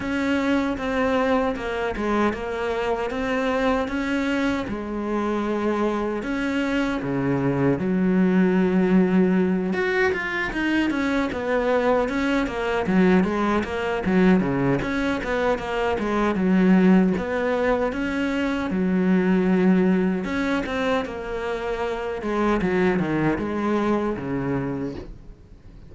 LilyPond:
\new Staff \with { instrumentName = "cello" } { \time 4/4 \tempo 4 = 77 cis'4 c'4 ais8 gis8 ais4 | c'4 cis'4 gis2 | cis'4 cis4 fis2~ | fis8 fis'8 f'8 dis'8 cis'8 b4 cis'8 |
ais8 fis8 gis8 ais8 fis8 cis8 cis'8 b8 | ais8 gis8 fis4 b4 cis'4 | fis2 cis'8 c'8 ais4~ | ais8 gis8 fis8 dis8 gis4 cis4 | }